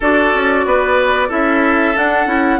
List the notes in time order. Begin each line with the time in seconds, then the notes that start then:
0.00 D4 F#4 A4 D5
0.34 C#4
0.65 B3 B4
1.28 C#4 E4 A4 E5
1.95 D4 F#5
2.26 C#4 E4